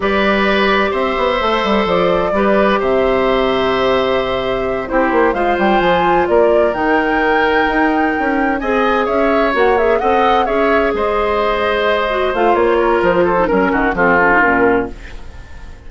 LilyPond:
<<
  \new Staff \with { instrumentName = "flute" } { \time 4/4 \tempo 4 = 129 d''2 e''2 | d''2 e''2~ | e''2~ e''8 c''4 f''8 | g''8 gis''4 d''4 g''4.~ |
g''2~ g''8 gis''4 e''8~ | e''8 fis''8 e''8 fis''4 e''4 dis''8~ | dis''2~ dis''8 f''8 cis''4 | c''4 ais'4 a'4 ais'4 | }
  \new Staff \with { instrumentName = "oboe" } { \time 4/4 b'2 c''2~ | c''4 b'4 c''2~ | c''2~ c''8 g'4 c''8~ | c''4. ais'2~ ais'8~ |
ais'2~ ais'8 dis''4 cis''8~ | cis''4. dis''4 cis''4 c''8~ | c''2.~ c''8 ais'8~ | ais'8 a'8 ais'8 fis'8 f'2 | }
  \new Staff \with { instrumentName = "clarinet" } { \time 4/4 g'2. a'4~ | a'4 g'2.~ | g'2~ g'8 e'4 f'8~ | f'2~ f'8 dis'4.~ |
dis'2~ dis'8 gis'4.~ | gis'8 fis'8 gis'8 a'4 gis'4.~ | gis'2 fis'8 f'4.~ | f'8. dis'16 cis'4 c'8 cis'16 dis'16 cis'4 | }
  \new Staff \with { instrumentName = "bassoon" } { \time 4/4 g2 c'8 b8 a8 g8 | f4 g4 c2~ | c2~ c8 c'8 ais8 gis8 | g8 f4 ais4 dis4.~ |
dis8 dis'4 cis'4 c'4 cis'8~ | cis'8 ais4 c'4 cis'4 gis8~ | gis2~ gis8 a8 ais4 | f4 fis8 dis8 f4 ais,4 | }
>>